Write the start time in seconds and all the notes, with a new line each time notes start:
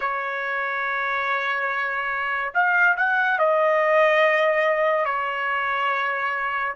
0.00 C#5
2.54 F5
2.97 F#5
3.38 D#5
5.05 C#5